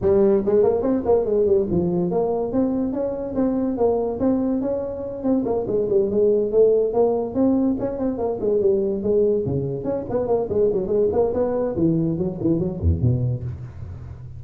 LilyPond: \new Staff \with { instrumentName = "tuba" } { \time 4/4 \tempo 4 = 143 g4 gis8 ais8 c'8 ais8 gis8 g8 | f4 ais4 c'4 cis'4 | c'4 ais4 c'4 cis'4~ | cis'8 c'8 ais8 gis8 g8 gis4 a8~ |
a8 ais4 c'4 cis'8 c'8 ais8 | gis8 g4 gis4 cis4 cis'8 | b8 ais8 gis8 fis8 gis8 ais8 b4 | e4 fis8 e8 fis8 e,8 b,4 | }